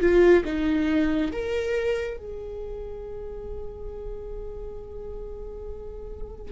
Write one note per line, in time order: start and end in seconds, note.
0.00 0.43 F4
0.45 1.32 D#4
1.32 2.17 A#4
2.17 6.52 G#4